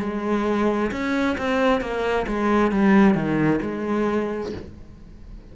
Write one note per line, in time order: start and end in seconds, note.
0.00 0.91 G#3
0.91 1.37 C#4
1.38 1.81 C4
1.81 2.26 A#3
2.27 2.71 G#3
2.71 3.14 G3
3.14 3.60 D#3
3.62 4.52 G#3